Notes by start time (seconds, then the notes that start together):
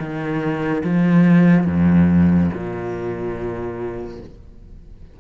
0.00 D#3
0.84 F3
1.67 F2
2.54 A#2